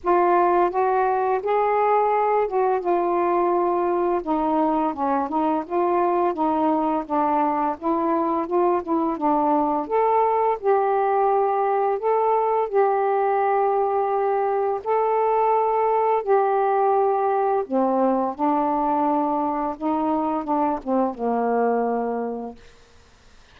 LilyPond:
\new Staff \with { instrumentName = "saxophone" } { \time 4/4 \tempo 4 = 85 f'4 fis'4 gis'4. fis'8 | f'2 dis'4 cis'8 dis'8 | f'4 dis'4 d'4 e'4 | f'8 e'8 d'4 a'4 g'4~ |
g'4 a'4 g'2~ | g'4 a'2 g'4~ | g'4 c'4 d'2 | dis'4 d'8 c'8 ais2 | }